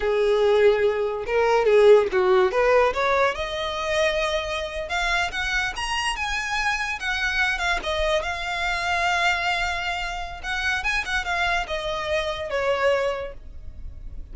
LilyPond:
\new Staff \with { instrumentName = "violin" } { \time 4/4 \tempo 4 = 144 gis'2. ais'4 | gis'4 fis'4 b'4 cis''4 | dis''2.~ dis''8. f''16~ | f''8. fis''4 ais''4 gis''4~ gis''16~ |
gis''8. fis''4. f''8 dis''4 f''16~ | f''1~ | f''4 fis''4 gis''8 fis''8 f''4 | dis''2 cis''2 | }